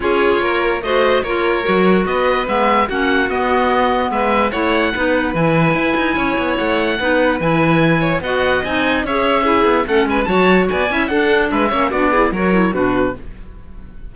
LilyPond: <<
  \new Staff \with { instrumentName = "oboe" } { \time 4/4 \tempo 4 = 146 cis''2 dis''4 cis''4~ | cis''4 dis''4 e''4 fis''4 | dis''2 e''4 fis''4~ | fis''4 gis''2. |
fis''2 gis''2 | fis''4 gis''4 e''2 | fis''8 gis''8 a''4 gis''4 fis''4 | e''4 d''4 cis''4 b'4 | }
  \new Staff \with { instrumentName = "violin" } { \time 4/4 gis'4 ais'4 c''4 ais'4~ | ais'4 b'2 fis'4~ | fis'2 b'4 cis''4 | b'2. cis''4~ |
cis''4 b'2~ b'8 cis''8 | dis''2 cis''4 gis'4 | a'8 b'8 cis''4 d''8 e''8 a'4 | b'8 cis''8 fis'8 gis'8 ais'4 fis'4 | }
  \new Staff \with { instrumentName = "clarinet" } { \time 4/4 f'2 fis'4 f'4 | fis'2 b4 cis'4 | b2. e'4 | dis'4 e'2.~ |
e'4 dis'4 e'2 | fis'4 dis'4 gis'4 e'4 | cis'4 fis'4. e'8 d'4~ | d'8 cis'8 d'8 e'8 fis'8 e'8 d'4 | }
  \new Staff \with { instrumentName = "cello" } { \time 4/4 cis'4 ais4 a4 ais4 | fis4 b4 gis4 ais4 | b2 gis4 a4 | b4 e4 e'8 dis'8 cis'8 b8 |
a4 b4 e2 | b4 c'4 cis'4. b8 | a8 gis8 fis4 b8 cis'8 d'4 | gis8 ais8 b4 fis4 b,4 | }
>>